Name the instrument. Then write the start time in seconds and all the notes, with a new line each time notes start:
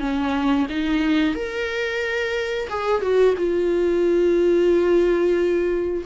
viola
0.00 C#4
0.69 D#4
1.35 A#4
2.69 G#4
3.01 F#4
3.37 F4